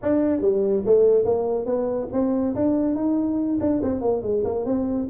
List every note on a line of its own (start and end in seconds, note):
0.02 0.41 D4
0.41 0.83 G3
0.85 1.24 A3
1.24 1.65 A#3
1.65 2.08 B3
2.12 2.54 C4
2.55 2.95 D4
2.95 3.58 D#4
3.60 3.81 D4
3.82 4.01 C4
4.01 4.22 A#3
4.22 4.43 G#3
4.44 4.65 A#3
4.65 5.07 C4